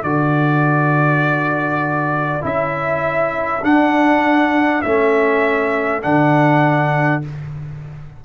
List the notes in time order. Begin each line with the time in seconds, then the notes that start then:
0.00 D3 F#4 A4 D5
2.41 C#4 E4 E5
3.62 D4 F#5
4.82 A3 C#4 E5
6.02 D3 D4 F#5